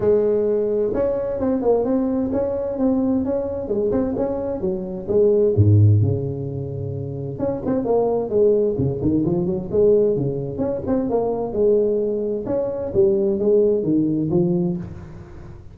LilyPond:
\new Staff \with { instrumentName = "tuba" } { \time 4/4 \tempo 4 = 130 gis2 cis'4 c'8 ais8 | c'4 cis'4 c'4 cis'4 | gis8 c'8 cis'4 fis4 gis4 | gis,4 cis2. |
cis'8 c'8 ais4 gis4 cis8 dis8 | f8 fis8 gis4 cis4 cis'8 c'8 | ais4 gis2 cis'4 | g4 gis4 dis4 f4 | }